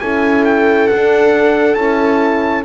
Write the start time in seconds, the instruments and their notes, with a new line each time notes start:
0.00 double bass C#4, horn E4, viola A4, trumpet G#5
0.45 trumpet G5
0.88 horn D4, double bass D4, trumpet F#5
1.75 double bass C#4, horn E4, trumpet A5